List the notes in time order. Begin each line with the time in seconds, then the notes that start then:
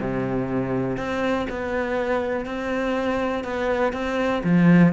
0.00 C3
0.97 C4
1.49 B3
2.45 C4
3.44 B3
3.92 C4
4.43 F3